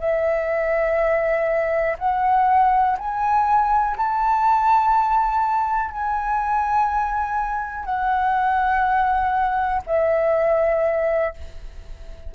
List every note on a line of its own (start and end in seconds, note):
0.00 1.97 E5
1.99 2.97 F#5
2.98 3.97 G#5
3.97 5.91 A5
5.91 7.85 G#5
7.85 9.82 F#5
9.86 11.34 E5